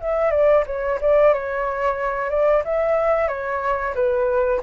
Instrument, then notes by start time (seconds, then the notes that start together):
flute
0.00 E5
0.31 D5
0.66 C#5
1.00 D5
1.33 C#5
2.30 D5
2.64 E5
3.28 C#5
3.95 B4